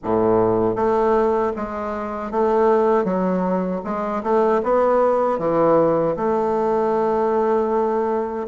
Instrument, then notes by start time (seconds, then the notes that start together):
bassoon
0.03 A2
0.75 A3
1.56 G#3
2.31 A3
3.04 F#3
3.84 G#3
4.23 A3
4.63 B3
5.38 E3
6.16 A3